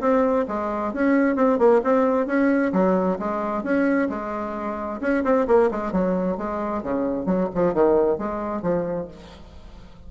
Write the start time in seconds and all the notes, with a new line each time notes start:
0.00 C4
0.48 G#3
0.93 C#4
1.36 C4
1.58 A#3
1.84 C4
2.27 C#4
2.73 F#3
3.19 G#3
3.63 C#4
4.10 G#3
5.01 C#4
5.24 C4
5.48 A#3
5.71 G#3
5.92 F#3
6.38 G#3
6.83 C#3
7.26 F#3
7.55 F3
7.74 D#3
8.18 G#3
8.62 F3